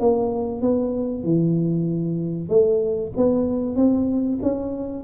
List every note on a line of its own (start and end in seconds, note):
0.00 0.61 A#3
0.61 1.24 B3
1.24 2.49 E3
2.49 3.12 A3
3.17 3.76 B3
3.76 4.39 C4
4.42 5.04 C#4